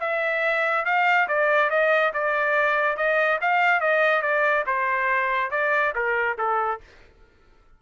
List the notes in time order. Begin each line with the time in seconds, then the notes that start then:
0.00 E5
0.85 F5
1.28 D5
1.70 D#5
2.14 D5
2.97 D#5
3.41 F5
3.80 D#5
4.22 D5
4.66 C5
5.51 D5
5.95 A#4
6.38 A4